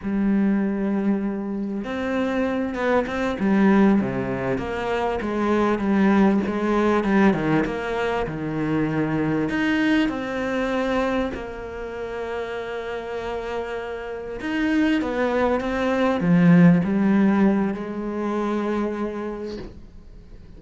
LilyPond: \new Staff \with { instrumentName = "cello" } { \time 4/4 \tempo 4 = 98 g2. c'4~ | c'8 b8 c'8 g4 c4 ais8~ | ais8 gis4 g4 gis4 g8 | dis8 ais4 dis2 dis'8~ |
dis'8 c'2 ais4.~ | ais2.~ ais8 dis'8~ | dis'8 b4 c'4 f4 g8~ | g4 gis2. | }